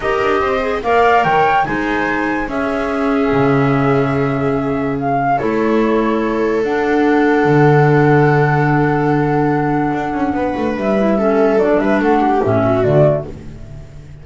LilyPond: <<
  \new Staff \with { instrumentName = "flute" } { \time 4/4 \tempo 4 = 145 dis''2 f''4 g''4 | gis''2 e''2~ | e''1 | f''4 cis''2. |
fis''1~ | fis''1~ | fis''2 e''2 | d''8 e''8 fis''4 e''4 d''4 | }
  \new Staff \with { instrumentName = "viola" } { \time 4/4 ais'4 c''4 d''4 cis''4 | c''2 gis'2~ | gis'1~ | gis'4 a'2.~ |
a'1~ | a'1~ | a'4 b'2 a'4~ | a'8 b'8 a'8 g'4 fis'4. | }
  \new Staff \with { instrumentName = "clarinet" } { \time 4/4 g'4. gis'8 ais'2 | dis'2 cis'2~ | cis'1~ | cis'4 e'2. |
d'1~ | d'1~ | d'2~ d'8 e'8 cis'4 | d'2 cis'4 a4 | }
  \new Staff \with { instrumentName = "double bass" } { \time 4/4 dis'8 d'8 c'4 ais4 dis4 | gis2 cis'2 | cis1~ | cis4 a2. |
d'2 d2~ | d1 | d'8 cis'8 b8 a8 g2 | fis8 g8 a4 a,4 d4 | }
>>